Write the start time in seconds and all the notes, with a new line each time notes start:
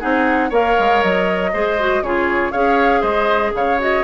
0.00 C4 D#4 G#4 F#5
0.50 A#3 A#4 C#5 F5
0.79 G#3
1.03 F#3 D#5
1.53 G#3 G#4 C5
1.79 F#4
2.02 C#3 F4 G#4 C#5
2.52 C#4 G#4 C#5 F5
3.01 G#3 C5 D#5
3.55 C#3 C#5 F5
3.79 F#4 D#5